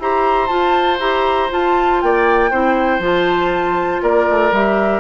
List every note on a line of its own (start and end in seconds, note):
0.00 0.50 E4
0.00 0.49 G4
0.00 2.04 C5
0.00 0.47 A#5
0.47 0.99 F4
0.47 1.00 F4
0.47 0.97 A5
0.99 1.50 E4
0.99 1.50 G4
0.99 1.50 A#5
1.50 2.51 F4
1.50 2.03 F4
1.50 2.02 A5
2.02 2.52 A#3
2.02 2.51 D5
2.02 3.03 G5
2.51 2.99 C4
2.51 3.01 E4
2.51 4.02 C5
2.99 4.00 F3
2.99 4.52 F4
3.06 4.03 A5
4.02 4.28 A#3
4.02 5.00 A#4
4.02 4.54 D5
4.29 4.52 A3
4.52 5.00 G3
4.52 5.00 G4
4.52 5.00 E5